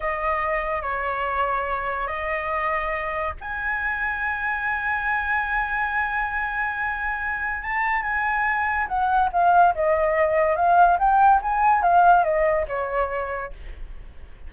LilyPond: \new Staff \with { instrumentName = "flute" } { \time 4/4 \tempo 4 = 142 dis''2 cis''2~ | cis''4 dis''2. | gis''1~ | gis''1~ |
gis''2 a''4 gis''4~ | gis''4 fis''4 f''4 dis''4~ | dis''4 f''4 g''4 gis''4 | f''4 dis''4 cis''2 | }